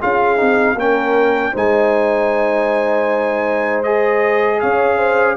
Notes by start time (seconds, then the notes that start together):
0.00 C#4 F4 G#4 F5
0.37 C4 D#4
0.75 A#3 C#4 A#4 G5
1.52 G#3 D#4 C5 G#5
3.83 G#4 D#5
4.60 C#4 C#5 F5
4.98 C5